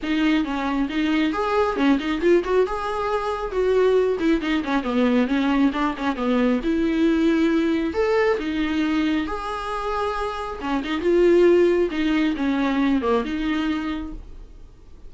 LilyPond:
\new Staff \with { instrumentName = "viola" } { \time 4/4 \tempo 4 = 136 dis'4 cis'4 dis'4 gis'4 | cis'8 dis'8 f'8 fis'8 gis'2 | fis'4. e'8 dis'8 cis'8 b4 | cis'4 d'8 cis'8 b4 e'4~ |
e'2 a'4 dis'4~ | dis'4 gis'2. | cis'8 dis'8 f'2 dis'4 | cis'4. ais8 dis'2 | }